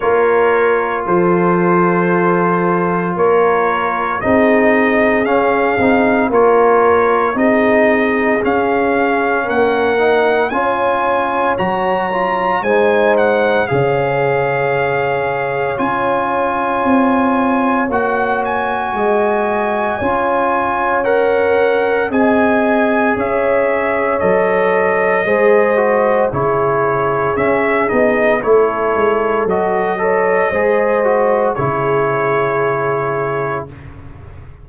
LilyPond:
<<
  \new Staff \with { instrumentName = "trumpet" } { \time 4/4 \tempo 4 = 57 cis''4 c''2 cis''4 | dis''4 f''4 cis''4 dis''4 | f''4 fis''4 gis''4 ais''4 | gis''8 fis''8 f''2 gis''4~ |
gis''4 fis''8 gis''2~ gis''8 | fis''4 gis''4 e''4 dis''4~ | dis''4 cis''4 e''8 dis''8 cis''4 | dis''2 cis''2 | }
  \new Staff \with { instrumentName = "horn" } { \time 4/4 ais'4 a'2 ais'4 | gis'2 ais'4 gis'4~ | gis'4 ais'4 cis''2 | c''4 cis''2.~ |
cis''2 dis''4 cis''4~ | cis''4 dis''4 cis''2 | c''4 gis'2 a'4~ | a'8 cis''8 c''4 gis'2 | }
  \new Staff \with { instrumentName = "trombone" } { \time 4/4 f'1 | dis'4 cis'8 dis'8 f'4 dis'4 | cis'4. dis'8 f'4 fis'8 f'8 | dis'4 gis'2 f'4~ |
f'4 fis'2 f'4 | ais'4 gis'2 a'4 | gis'8 fis'8 e'4 cis'8 dis'8 e'4 | fis'8 a'8 gis'8 fis'8 e'2 | }
  \new Staff \with { instrumentName = "tuba" } { \time 4/4 ais4 f2 ais4 | c'4 cis'8 c'8 ais4 c'4 | cis'4 ais4 cis'4 fis4 | gis4 cis2 cis'4 |
c'4 ais4 gis4 cis'4~ | cis'4 c'4 cis'4 fis4 | gis4 cis4 cis'8 b8 a8 gis8 | fis4 gis4 cis2 | }
>>